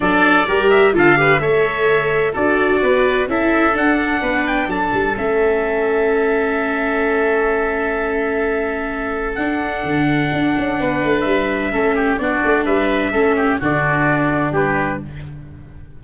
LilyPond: <<
  \new Staff \with { instrumentName = "trumpet" } { \time 4/4 \tempo 4 = 128 d''4. e''8 f''4 e''4~ | e''4 d''2 e''4 | fis''4. g''8 a''4 e''4~ | e''1~ |
e''1 | fis''1 | e''2 d''4 e''4~ | e''4 d''2 b'4 | }
  \new Staff \with { instrumentName = "oboe" } { \time 4/4 a'4 ais'4 a'8 b'8 cis''4~ | cis''4 a'4 b'4 a'4~ | a'4 b'4 a'2~ | a'1~ |
a'1~ | a'2. b'4~ | b'4 a'8 g'8 fis'4 b'4 | a'8 g'8 fis'2 g'4 | }
  \new Staff \with { instrumentName = "viola" } { \time 4/4 d'4 g'4 f'8 g'8 a'4~ | a'4 fis'2 e'4 | d'2. cis'4~ | cis'1~ |
cis'1 | d'1~ | d'4 cis'4 d'2 | cis'4 d'2. | }
  \new Staff \with { instrumentName = "tuba" } { \time 4/4 fis4 g4 d4 a4~ | a4 d'4 b4 cis'4 | d'4 b4 fis8 g8 a4~ | a1~ |
a1 | d'4 d4 d'8 cis'8 b8 a8 | g4 a4 b8 a8 g4 | a4 d2 g4 | }
>>